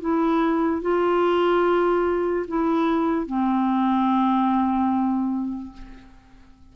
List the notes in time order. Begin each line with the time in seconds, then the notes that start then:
0.00 E4
0.81 F4
2.47 E4
3.26 C4